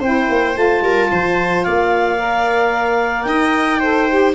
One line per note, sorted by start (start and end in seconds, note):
0.00 0.27 C4
0.00 0.55 E4
0.00 0.81 C5
0.00 0.57 G5
0.30 0.57 A#3
0.55 0.82 A3
0.55 2.17 F4
0.55 1.63 A5
0.82 1.09 G3
0.82 1.11 A#4
1.12 1.66 F3
1.12 1.65 C5
1.63 3.26 A#3
1.63 3.27 D5
1.63 3.23 F5
2.19 3.81 A#4
3.23 4.34 D#4
3.23 3.80 D#5
3.23 4.31 G5
3.80 4.10 A4
3.80 4.34 C5
4.10 4.35 G4